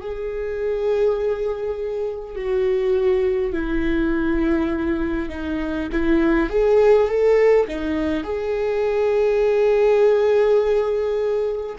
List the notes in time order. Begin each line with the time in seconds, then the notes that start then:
0.00 G#4
2.35 F#4
3.52 E4
5.29 D#4
5.91 E4
6.49 G#4
7.07 A4
7.67 D#4
8.23 G#4